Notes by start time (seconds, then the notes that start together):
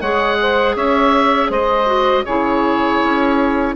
0.00 G#3 G#4 C#5 F#5
0.42 C5
0.75 C#4 C#5 E5
1.50 G#3 C5 D#5
1.86 F#4
2.24 C#3 E4 G#4 C#5
3.03 C#4